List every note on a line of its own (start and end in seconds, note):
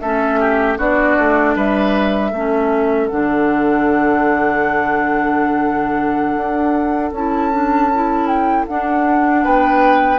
0.00 0.78 A3
0.00 0.78 C#4
0.00 0.40 A4
0.00 0.77 E5
0.40 0.78 G4
0.78 1.16 B3
0.78 2.31 D4
0.78 1.55 F#4
0.78 1.57 D5
1.18 1.56 A3
1.56 2.31 G3
1.56 2.31 B4
1.56 3.08 E5
2.31 3.08 A3
2.31 3.10 C#4
2.31 9.42 A4
3.08 6.36 D3
3.08 7.14 D4
3.08 7.12 F#5
6.36 7.12 D4
7.12 8.65 C#4
7.12 7.52 E4
7.12 8.27 A5
7.52 7.90 D4
7.94 8.68 E4
8.27 8.65 G5
8.68 10.19 D4
8.68 9.45 D4
8.68 9.44 F#5
9.44 10.19 B3
9.44 10.19 B4
9.44 10.19 G5